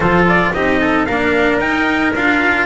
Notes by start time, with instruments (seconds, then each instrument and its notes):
0.00 double bass F3, cello F4, trumpet A4 C5
0.29 trumpet D5
0.53 double bass C4, cello D#4, trumpet G4 D#5
0.80 trumpet A4
1.05 double bass A#3, cello D4, trumpet A#4 F5
1.58 double bass D#4, cello D#4, trumpet G5
2.15 double bass D4, cello F4, trumpet F5